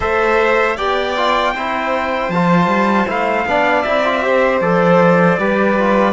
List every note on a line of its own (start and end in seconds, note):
0.00 0.78 A3
0.00 0.76 A4
0.00 0.76 C5
0.00 0.77 E5
0.76 1.53 B3
0.76 1.15 G4
0.76 1.53 D5
0.76 2.30 G5
1.16 1.55 F4
1.53 2.29 C4
1.53 2.32 E4
1.53 3.47 C5
2.29 2.66 F3
2.29 3.07 F4
2.29 3.07 A5
2.66 3.05 G3
3.07 3.45 A3
3.07 3.45 E4
3.07 3.82 F5
3.45 3.83 B3
3.45 3.86 D4
3.45 4.25 D5
3.82 4.60 C4
3.82 4.05 E4
3.82 4.59 E5
4.05 4.22 F4
4.22 4.61 G4
4.22 5.39 C5
4.60 5.37 F3
4.60 5.38 A4
4.60 6.12 D5
5.38 6.12 G3
5.38 5.77 G4
5.38 6.12 B4
5.78 6.12 F4